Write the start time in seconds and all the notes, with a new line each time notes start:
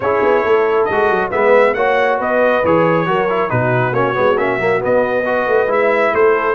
0.00 C#4 E4 G#4 C#5
0.22 B3
0.43 A3 A4
0.84 G#3 D#5
0.91 F#4
1.10 F#3
1.31 G#3 B3 B4 E5
1.73 A#3 F#4 C#5 F#5
2.18 B3 B4 D#5
2.64 E3 G#4 C#5
3.06 F#3 F#4 A#4
3.29 E4
3.49 B2 D#4 F#4 B4
3.91 A#3 C#4 C#5
4.14 G#3 B3
4.37 A#3 C#4 E5
4.57 F#3 A#3
4.80 B3 D#5
5.25 F#4 B4
5.47 A3
5.67 G#3 E4 E5
6.13 A3 A4 C5